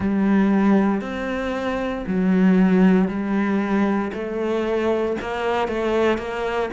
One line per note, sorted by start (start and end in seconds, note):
0.00 1.01 G3
1.01 2.04 C4
2.06 3.08 F#3
3.08 4.11 G3
4.13 5.16 A3
5.21 5.68 A#3
5.68 6.17 A3
6.17 6.69 A#3